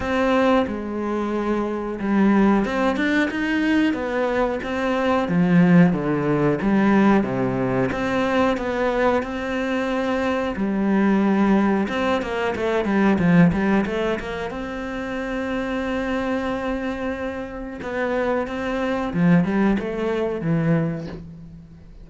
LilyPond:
\new Staff \with { instrumentName = "cello" } { \time 4/4 \tempo 4 = 91 c'4 gis2 g4 | c'8 d'8 dis'4 b4 c'4 | f4 d4 g4 c4 | c'4 b4 c'2 |
g2 c'8 ais8 a8 g8 | f8 g8 a8 ais8 c'2~ | c'2. b4 | c'4 f8 g8 a4 e4 | }